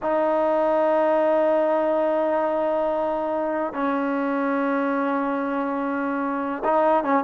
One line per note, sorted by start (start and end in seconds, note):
0.02 3.73 D#4
3.73 6.62 C#4
6.64 7.04 D#4
7.04 7.24 C#4